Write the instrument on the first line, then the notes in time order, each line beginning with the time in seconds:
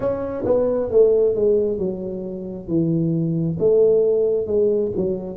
tuba
0.00 C#4
0.45 B3
0.90 A3
1.35 G#3
1.78 F#3
2.67 E3
3.59 A3
4.46 G#3
4.96 F#3